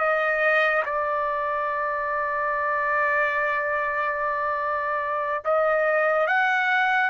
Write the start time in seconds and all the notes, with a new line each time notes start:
0.00 D#5
0.86 D5
5.45 D#5
6.27 F#5